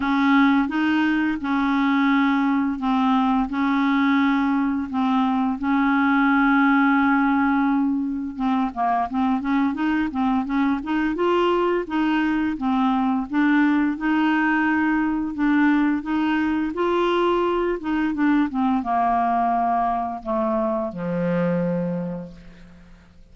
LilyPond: \new Staff \with { instrumentName = "clarinet" } { \time 4/4 \tempo 4 = 86 cis'4 dis'4 cis'2 | c'4 cis'2 c'4 | cis'1 | c'8 ais8 c'8 cis'8 dis'8 c'8 cis'8 dis'8 |
f'4 dis'4 c'4 d'4 | dis'2 d'4 dis'4 | f'4. dis'8 d'8 c'8 ais4~ | ais4 a4 f2 | }